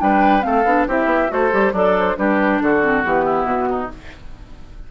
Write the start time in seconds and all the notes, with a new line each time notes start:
0.00 G3 D4 B4 G5
0.42 A3 C4 A4 F5
0.65 B3 D4
0.88 C4 E4 G4 E5
1.06 B3
1.29 A3 F#4 A4 C5
1.52 G3 G4
1.73 F#3 D4 A4 D5
1.99 C5
2.17 G3 D4 G4 B4
2.62 D3 F#4 A4
2.82 C4
3.03 E3 B3 G4
3.26 E4
3.44 B2 F#4
3.70 D#4